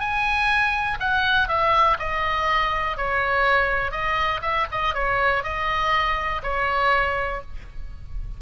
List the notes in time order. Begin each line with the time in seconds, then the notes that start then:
0.00 G#5
1.00 F#5
1.49 E5
1.99 D#5
2.97 C#5
3.92 D#5
4.42 E5
4.71 D#5
4.95 C#5
5.44 D#5
6.43 C#5